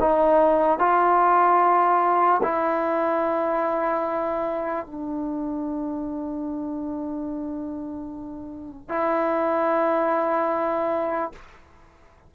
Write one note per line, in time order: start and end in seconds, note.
0.00 0.79 D#4
0.79 2.41 F4
2.43 4.86 E4
4.86 8.89 D4
8.89 11.32 E4